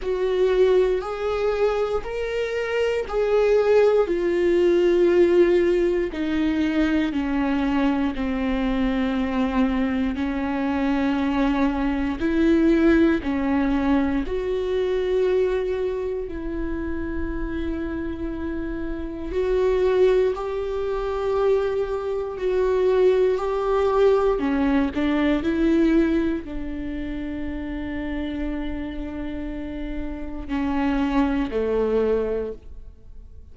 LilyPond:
\new Staff \with { instrumentName = "viola" } { \time 4/4 \tempo 4 = 59 fis'4 gis'4 ais'4 gis'4 | f'2 dis'4 cis'4 | c'2 cis'2 | e'4 cis'4 fis'2 |
e'2. fis'4 | g'2 fis'4 g'4 | cis'8 d'8 e'4 d'2~ | d'2 cis'4 a4 | }